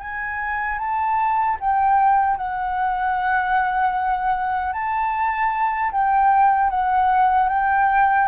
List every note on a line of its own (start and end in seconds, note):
0.00 0.79 G#5
0.79 1.58 A5
1.60 2.37 G5
2.37 4.73 F#5
4.73 5.92 A5
5.92 6.71 G5
6.71 7.50 F#5
7.50 8.29 G5